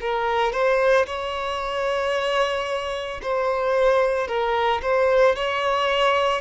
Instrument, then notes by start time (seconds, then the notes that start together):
violin
0.00 A#4
0.52 C5
1.06 C#5
3.22 C5
4.27 A#4
4.82 C5
5.35 C#5